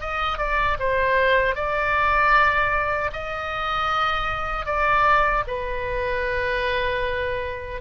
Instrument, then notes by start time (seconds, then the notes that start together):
oboe
0.00 D#5
0.38 D5
0.79 C5
1.55 D5
3.12 D#5
4.65 D5
5.47 B4